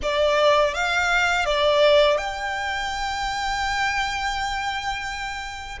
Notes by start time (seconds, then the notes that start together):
0.02 D5
0.74 F5
1.45 D5
2.17 G5